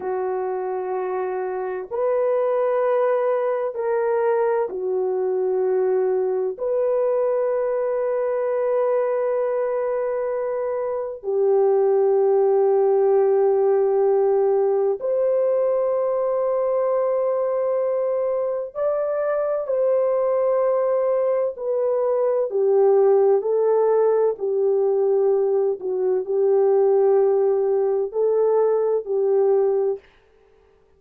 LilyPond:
\new Staff \with { instrumentName = "horn" } { \time 4/4 \tempo 4 = 64 fis'2 b'2 | ais'4 fis'2 b'4~ | b'1 | g'1 |
c''1 | d''4 c''2 b'4 | g'4 a'4 g'4. fis'8 | g'2 a'4 g'4 | }